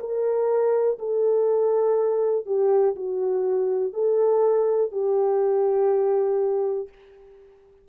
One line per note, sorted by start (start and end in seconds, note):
0.00 0.98 A#4
0.99 2.46 A4
2.46 2.95 G4
2.96 3.93 F#4
3.93 4.91 A4
4.92 6.89 G4